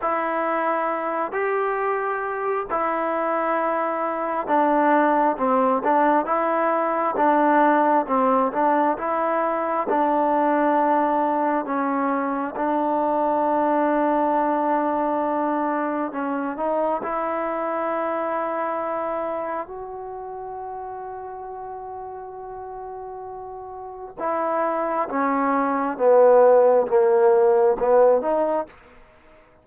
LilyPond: \new Staff \with { instrumentName = "trombone" } { \time 4/4 \tempo 4 = 67 e'4. g'4. e'4~ | e'4 d'4 c'8 d'8 e'4 | d'4 c'8 d'8 e'4 d'4~ | d'4 cis'4 d'2~ |
d'2 cis'8 dis'8 e'4~ | e'2 fis'2~ | fis'2. e'4 | cis'4 b4 ais4 b8 dis'8 | }